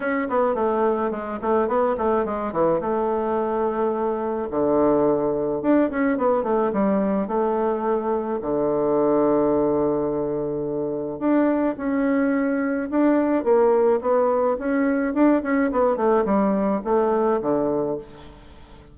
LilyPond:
\new Staff \with { instrumentName = "bassoon" } { \time 4/4 \tempo 4 = 107 cis'8 b8 a4 gis8 a8 b8 a8 | gis8 e8 a2. | d2 d'8 cis'8 b8 a8 | g4 a2 d4~ |
d1 | d'4 cis'2 d'4 | ais4 b4 cis'4 d'8 cis'8 | b8 a8 g4 a4 d4 | }